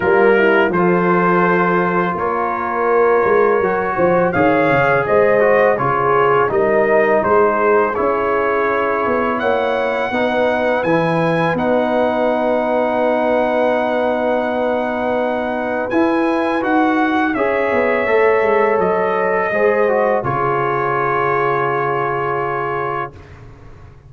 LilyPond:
<<
  \new Staff \with { instrumentName = "trumpet" } { \time 4/4 \tempo 4 = 83 ais'4 c''2 cis''4~ | cis''2 f''4 dis''4 | cis''4 dis''4 c''4 cis''4~ | cis''4 fis''2 gis''4 |
fis''1~ | fis''2 gis''4 fis''4 | e''2 dis''2 | cis''1 | }
  \new Staff \with { instrumentName = "horn" } { \time 4/4 f'8 e'8 a'2 ais'4~ | ais'4. c''8 cis''4 c''4 | gis'4 ais'4 gis'2~ | gis'4 cis''4 b'2~ |
b'1~ | b'1 | cis''2. c''4 | gis'1 | }
  \new Staff \with { instrumentName = "trombone" } { \time 4/4 ais4 f'2.~ | f'4 fis'4 gis'4. fis'8 | f'4 dis'2 e'4~ | e'2 dis'4 e'4 |
dis'1~ | dis'2 e'4 fis'4 | gis'4 a'2 gis'8 fis'8 | f'1 | }
  \new Staff \with { instrumentName = "tuba" } { \time 4/4 g4 f2 ais4~ | ais8 gis8 fis8 f8 dis8 cis8 gis4 | cis4 g4 gis4 cis'4~ | cis'8 b8 ais4 b4 e4 |
b1~ | b2 e'4 dis'4 | cis'8 b8 a8 gis8 fis4 gis4 | cis1 | }
>>